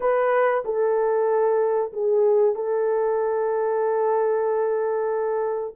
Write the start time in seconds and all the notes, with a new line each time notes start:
0.00 B4
0.64 A4
1.93 G#4
2.55 A4